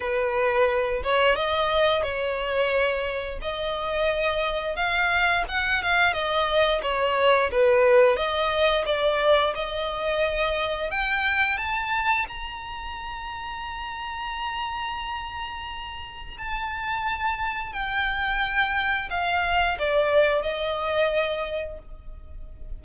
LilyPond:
\new Staff \with { instrumentName = "violin" } { \time 4/4 \tempo 4 = 88 b'4. cis''8 dis''4 cis''4~ | cis''4 dis''2 f''4 | fis''8 f''8 dis''4 cis''4 b'4 | dis''4 d''4 dis''2 |
g''4 a''4 ais''2~ | ais''1 | a''2 g''2 | f''4 d''4 dis''2 | }